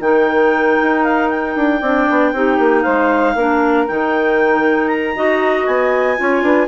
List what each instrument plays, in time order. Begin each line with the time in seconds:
0.00 bassoon D#3, clarinet D#4 G5, saxophone A#4
0.83 bassoon D#4
1.04 clarinet F5
1.30 clarinet G5
1.56 bassoon D4
1.80 bassoon C4, clarinet D4, saxophone D5
2.10 bassoon B3
2.33 bassoon C4, clarinet D#4, saxophone G4
2.59 bassoon A#3
2.82 bassoon G#3, saxophone C5, clarinet F5
3.35 bassoon A#3, clarinet D4, saxophone A#4
3.88 bassoon D#3, clarinet D#4 G5
4.88 clarinet A#5
5.16 bassoon D#4, clarinet F#4, saxophone D#5
5.66 bassoon B3, clarinet G#5
6.17 bassoon C#4, clarinet F4, saxophone C#5
6.42 bassoon D4, saxophone B4